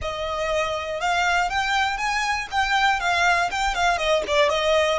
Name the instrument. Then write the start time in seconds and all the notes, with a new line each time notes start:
violin
0.01 D#5
1.00 F5
1.49 G5
1.97 G#5
2.51 G5
3.00 F5
3.50 G5
3.75 F5
3.97 D#5
4.27 D5
4.49 D#5